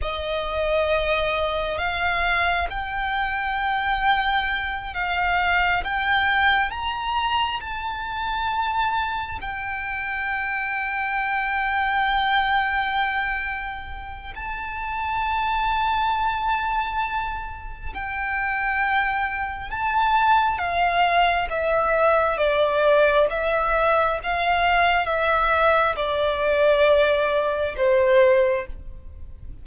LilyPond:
\new Staff \with { instrumentName = "violin" } { \time 4/4 \tempo 4 = 67 dis''2 f''4 g''4~ | g''4. f''4 g''4 ais''8~ | ais''8 a''2 g''4.~ | g''1 |
a''1 | g''2 a''4 f''4 | e''4 d''4 e''4 f''4 | e''4 d''2 c''4 | }